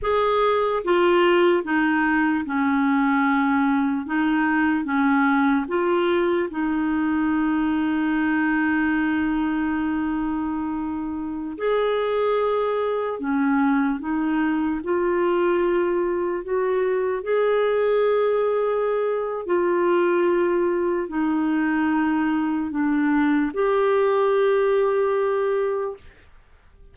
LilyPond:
\new Staff \with { instrumentName = "clarinet" } { \time 4/4 \tempo 4 = 74 gis'4 f'4 dis'4 cis'4~ | cis'4 dis'4 cis'4 f'4 | dis'1~ | dis'2~ dis'16 gis'4.~ gis'16~ |
gis'16 cis'4 dis'4 f'4.~ f'16~ | f'16 fis'4 gis'2~ gis'8. | f'2 dis'2 | d'4 g'2. | }